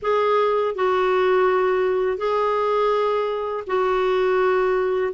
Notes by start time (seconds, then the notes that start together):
0.02 G#4
0.75 F#4
2.18 G#4
3.66 F#4